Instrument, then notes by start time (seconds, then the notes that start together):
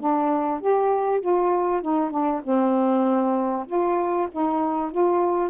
saxophone
0.00 D4
0.61 G4
1.21 F4
1.82 D#4
2.11 D4
2.44 C4
3.67 F4
4.32 D#4
4.91 F4